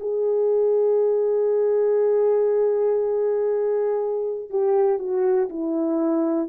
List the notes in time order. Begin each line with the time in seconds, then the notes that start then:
0.00 G#4
4.50 G4
4.99 F#4
5.49 E4